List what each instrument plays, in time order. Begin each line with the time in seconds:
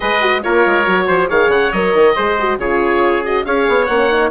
0.00 bassoon G#3, horn G#4, trumpet B4, oboe D#5
0.21 horn F#4
0.43 bassoon A#3, horn F4, trumpet A#4, oboe C#5
0.65 bassoon G#3
0.85 bassoon F#3, horn F#4
1.06 bassoon F3, trumpet C5
1.28 bassoon D#3, horn G#4, trumpet C#5, oboe F5
1.48 bassoon C#3, oboe F#5
1.71 bassoon F#3, horn A#4, oboe D#5
1.93 bassoon D#3
2.15 bassoon G#3, horn G#4, trumpet C5
2.39 horn F#4
2.57 bassoon C#3, horn F4, trumpet G#4, oboe C#5
3.24 horn F#4, oboe D#5
3.45 bassoon C#4, horn G#4, trumpet C#5, oboe F5
3.68 bassoon B3
3.86 bassoon A#3, horn C#4, oboe F#5
4.09 horn D#4